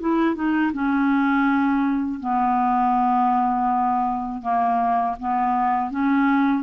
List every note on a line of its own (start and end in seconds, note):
0.00 0.35 E4
0.35 0.72 D#4
0.73 2.20 C#4
2.20 4.42 B3
4.42 5.16 A#3
5.20 5.91 B3
5.91 6.63 C#4